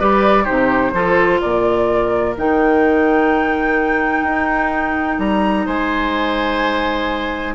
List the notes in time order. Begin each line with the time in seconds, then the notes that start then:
0.00 G3 G4 B4 D5
0.44 C3 D#4 G4 C5
0.93 F3 F4 A4
1.41 A#2 A#4 D5
2.37 D#3 D#4 G5
4.23 D#4
5.19 G3 A#5
5.66 G#3 C5 G#5